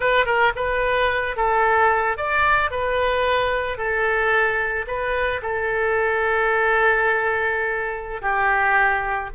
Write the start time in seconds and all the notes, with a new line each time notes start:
0.00 B4
0.25 A#4
0.55 B4
1.36 A4
2.17 D5
2.70 B4
3.77 A4
4.87 B4
5.42 A4
8.21 G4